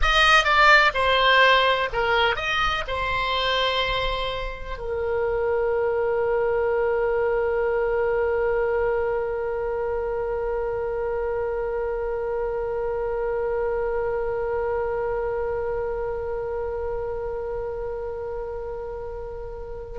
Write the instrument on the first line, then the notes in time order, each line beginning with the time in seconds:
oboe
0.02 D#5
0.44 D5
0.94 C5
1.92 A#4
2.35 D#5
2.87 C5
4.77 A#4